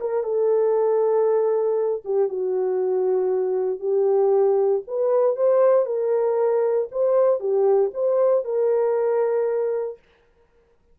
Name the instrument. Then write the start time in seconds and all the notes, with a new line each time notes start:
horn
0.00 A#4
0.23 A4
2.04 G4
2.28 F#4
3.79 G4
4.87 B4
5.36 C5
5.86 A#4
6.91 C5
7.40 G4
7.93 C5
8.44 A#4